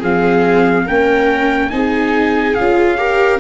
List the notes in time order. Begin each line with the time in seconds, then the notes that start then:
0.00 F3 C4 G#4 F5
0.86 A#3 C#4 A#4 G5
1.70 C4 D#4 G#4 G#5
2.55 C#4 F4 F5
2.98 G4 A#4